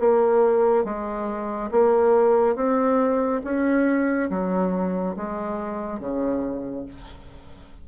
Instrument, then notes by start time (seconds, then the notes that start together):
bassoon
0.00 A#3
0.85 G#3
1.71 A#3
2.56 C4
3.44 C#4
4.31 F#3
5.17 G#3
6.00 C#3